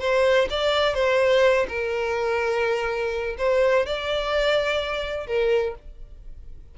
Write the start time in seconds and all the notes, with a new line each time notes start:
0.00 C5
0.50 D5
0.94 C5
1.68 A#4
3.38 C5
3.86 D5
5.27 A#4